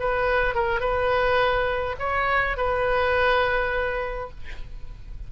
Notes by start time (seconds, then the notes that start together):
0.00 B4
0.55 A#4
0.80 B4
1.99 C#5
2.57 B4